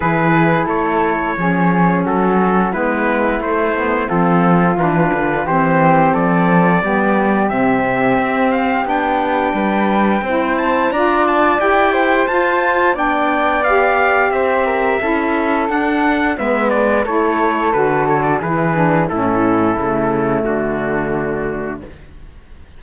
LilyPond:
<<
  \new Staff \with { instrumentName = "trumpet" } { \time 4/4 \tempo 4 = 88 b'4 cis''2 a'4 | b'4 c''4 a'4 b'4 | c''4 d''2 e''4~ | e''8 f''8 g''2~ g''8 a''8 |
ais''8 a''8 g''4 a''4 g''4 | f''4 e''2 fis''4 | e''8 d''8 cis''4 b'8 cis''16 d''16 b'4 | a'2 fis'2 | }
  \new Staff \with { instrumentName = "flute" } { \time 4/4 gis'4 a'4 gis'4 fis'4 | e'2 f'2 | g'4 a'4 g'2~ | g'2 b'4 c''4 |
d''4. c''4. d''4~ | d''4 c''8 ais'8 a'2 | b'4 a'2 gis'4 | e'2 d'2 | }
  \new Staff \with { instrumentName = "saxophone" } { \time 4/4 e'2 cis'2 | b4 a8 b8 c'4 d'4 | c'2 b4 c'4~ | c'4 d'2 e'4 |
f'4 g'4 f'4 d'4 | g'2 e'4 d'4 | b4 e'4 fis'4 e'8 d'8 | cis'4 a2. | }
  \new Staff \with { instrumentName = "cello" } { \time 4/4 e4 a4 f4 fis4 | gis4 a4 f4 e8 d8 | e4 f4 g4 c4 | c'4 b4 g4 c'4 |
d'4 e'4 f'4 b4~ | b4 c'4 cis'4 d'4 | gis4 a4 d4 e4 | a,4 cis4 d2 | }
>>